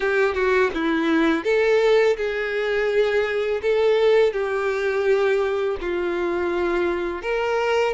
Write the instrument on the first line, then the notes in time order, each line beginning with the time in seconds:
violin
0.00 G4
0.34 F#4
0.74 E4
1.44 A4
2.16 G#4
3.61 A4
4.32 G4
5.80 F4
7.22 A#4